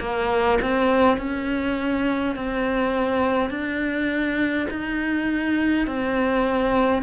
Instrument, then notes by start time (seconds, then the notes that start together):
cello
0.00 A#3
0.62 C4
1.18 C#4
2.36 C4
3.50 D4
4.70 D#4
5.87 C4